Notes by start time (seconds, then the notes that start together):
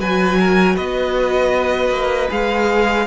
0.00 F#3 F#4 B4 G#5
0.40 A#4
0.76 B3 B4 D#5
1.90 A#3
2.29 G#3 G#4 F5